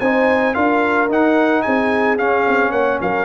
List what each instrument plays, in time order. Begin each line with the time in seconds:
0.00 tuba C4, trombone D#4, horn C5, trumpet G#5
0.54 tuba D4, trombone F4, horn A#4, trumpet F5
1.09 tuba D#4, trombone D#4, trumpet F#5
1.62 tuba C4, horn G#4, trumpet G#5
2.18 tuba C#4, trombone C#4, trumpet F5
2.48 tuba C4
2.71 tuba A#3, horn C#5, trumpet F#5
3.01 tuba F#3, horn A#4, trumpet F5